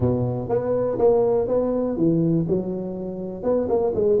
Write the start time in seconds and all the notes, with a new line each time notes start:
0.00 B2
0.48 B3
0.98 A#3
1.47 B3
1.96 E3
2.48 F#3
3.43 B3
3.68 A#3
3.94 G#3